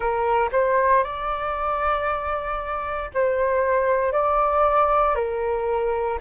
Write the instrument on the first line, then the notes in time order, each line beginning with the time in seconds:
flute
0.00 A#4
0.52 C5
1.03 D5
3.14 C5
4.12 D5
5.15 A#4